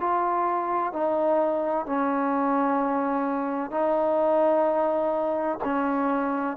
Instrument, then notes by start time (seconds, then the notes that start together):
trombone
0.00 F4
0.93 D#4
1.86 C#4
3.71 D#4
5.64 C#4